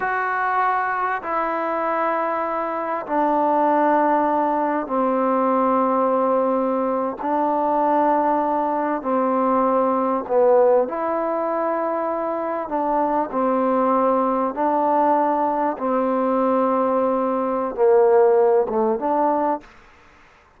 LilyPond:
\new Staff \with { instrumentName = "trombone" } { \time 4/4 \tempo 4 = 98 fis'2 e'2~ | e'4 d'2. | c'2.~ c'8. d'16~ | d'2~ d'8. c'4~ c'16~ |
c'8. b4 e'2~ e'16~ | e'8. d'4 c'2 d'16~ | d'4.~ d'16 c'2~ c'16~ | c'4 ais4. a8 d'4 | }